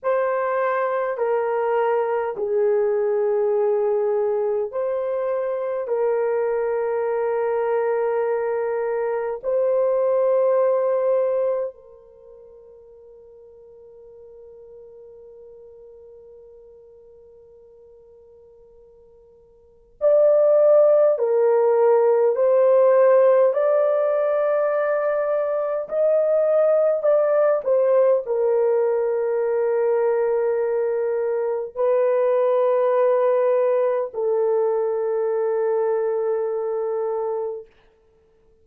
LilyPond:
\new Staff \with { instrumentName = "horn" } { \time 4/4 \tempo 4 = 51 c''4 ais'4 gis'2 | c''4 ais'2. | c''2 ais'2~ | ais'1~ |
ais'4 d''4 ais'4 c''4 | d''2 dis''4 d''8 c''8 | ais'2. b'4~ | b'4 a'2. | }